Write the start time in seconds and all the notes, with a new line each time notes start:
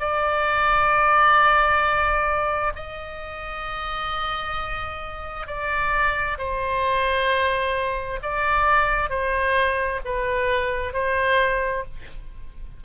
0.00 D5
2.76 D#5
5.47 D5
6.38 C5
8.23 D5
9.10 C5
10.05 B4
10.94 C5